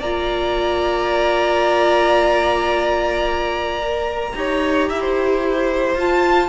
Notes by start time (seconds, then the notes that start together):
0.00 A#3 F4 D5 A#5
3.80 A#4
4.36 D#4 G4 C#5
4.90 E4 E5
5.01 C5
5.95 F4 A5